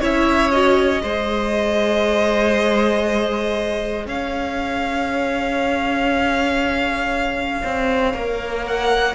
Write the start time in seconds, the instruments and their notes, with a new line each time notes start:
0.00 cello C#4, viola E4, violin C#5 E5
0.51 viola F#4, violin D#5
1.02 cello G#3, viola G#4, violin C5
4.06 cello C#4, violin C#5 F5
7.64 cello C4
8.14 cello A#3, viola A#4
8.66 violin F#5